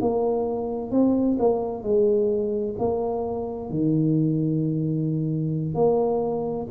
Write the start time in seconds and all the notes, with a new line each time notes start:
0.00 A#3
0.91 C4
1.38 A#3
1.83 G#3
2.78 A#3
3.70 D#3
5.74 A#3